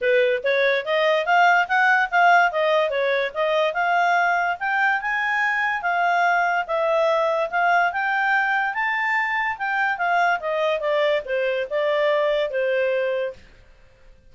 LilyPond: \new Staff \with { instrumentName = "clarinet" } { \time 4/4 \tempo 4 = 144 b'4 cis''4 dis''4 f''4 | fis''4 f''4 dis''4 cis''4 | dis''4 f''2 g''4 | gis''2 f''2 |
e''2 f''4 g''4~ | g''4 a''2 g''4 | f''4 dis''4 d''4 c''4 | d''2 c''2 | }